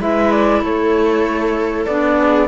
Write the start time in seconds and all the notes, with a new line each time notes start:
0.00 G#3 E4 B4 E5
0.31 D5
0.61 A3 A4 C#5
1.86 B3 D4 D5
2.19 G#4